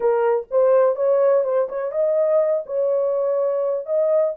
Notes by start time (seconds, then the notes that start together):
0.00 A#4
0.50 C5
0.95 C#5
1.43 C5
1.68 C#5
1.91 D#5
2.66 C#5
3.86 D#5